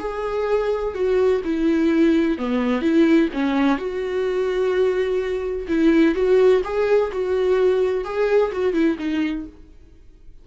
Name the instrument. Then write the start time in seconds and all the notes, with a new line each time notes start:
viola
0.00 G#4
0.94 F#4
1.45 E4
2.38 B3
2.82 E4
3.33 C#4
3.78 F#4
5.68 E4
6.15 F#4
6.64 G#4
7.12 F#4
8.05 G#4
8.52 F#4
8.74 E4
8.99 D#4